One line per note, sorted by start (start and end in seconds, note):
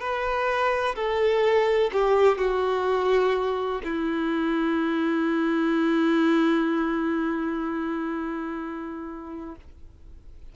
0.00 0.95 B4
0.96 1.91 A4
1.93 2.38 G4
2.38 3.81 F#4
3.84 9.56 E4